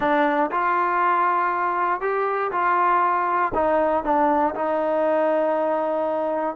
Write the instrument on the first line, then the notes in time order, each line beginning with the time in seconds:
trombone
0.00 D4
0.51 F4
2.00 G4
2.51 F4
3.54 D#4
4.04 D4
4.54 D#4